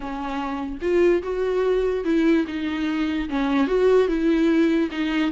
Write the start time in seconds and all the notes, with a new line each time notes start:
0.00 C#4
0.81 F4
1.22 F#4
2.04 E4
2.47 D#4
3.29 C#4
3.67 F#4
4.08 E4
4.91 D#4